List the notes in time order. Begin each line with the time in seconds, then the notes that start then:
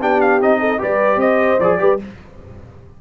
0.00 B3 D4 G4 G5
0.21 F5
0.41 C4 D#4 D#5
0.60 A4
0.78 G3 G4 B4 D5
1.16 C4 C5 D#5
1.59 F3 G#4 D5
1.79 G3 G4 B4